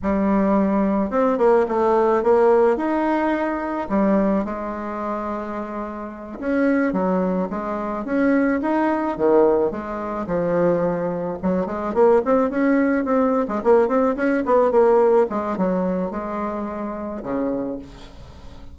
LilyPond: \new Staff \with { instrumentName = "bassoon" } { \time 4/4 \tempo 4 = 108 g2 c'8 ais8 a4 | ais4 dis'2 g4 | gis2.~ gis8 cis'8~ | cis'8 fis4 gis4 cis'4 dis'8~ |
dis'8 dis4 gis4 f4.~ | f8 fis8 gis8 ais8 c'8 cis'4 c'8~ | c'16 gis16 ais8 c'8 cis'8 b8 ais4 gis8 | fis4 gis2 cis4 | }